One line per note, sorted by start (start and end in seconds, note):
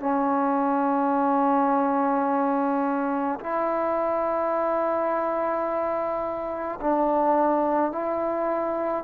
0.00 3.40 C#4
3.40 6.80 E4
6.81 7.92 D4
7.92 9.04 E4